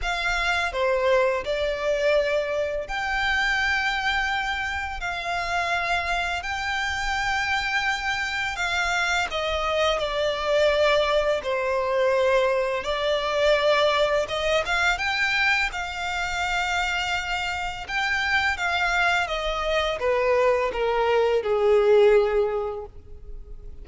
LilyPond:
\new Staff \with { instrumentName = "violin" } { \time 4/4 \tempo 4 = 84 f''4 c''4 d''2 | g''2. f''4~ | f''4 g''2. | f''4 dis''4 d''2 |
c''2 d''2 | dis''8 f''8 g''4 f''2~ | f''4 g''4 f''4 dis''4 | b'4 ais'4 gis'2 | }